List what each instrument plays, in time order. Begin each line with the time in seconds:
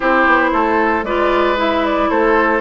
0.00 bassoon C4, clarinet E4, oboe G4, flute C5
0.26 bassoon B3
0.52 bassoon A3, oboe A4
1.03 bassoon G#3, clarinet F4, oboe B4, flute D5
1.56 clarinet E4, flute E5
1.85 flute D5
2.09 bassoon A3, oboe A4, flute C5